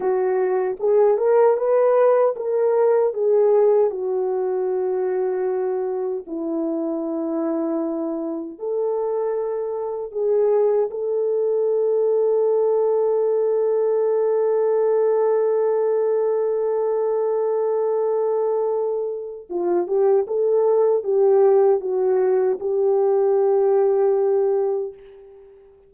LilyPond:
\new Staff \with { instrumentName = "horn" } { \time 4/4 \tempo 4 = 77 fis'4 gis'8 ais'8 b'4 ais'4 | gis'4 fis'2. | e'2. a'4~ | a'4 gis'4 a'2~ |
a'1~ | a'1~ | a'4 f'8 g'8 a'4 g'4 | fis'4 g'2. | }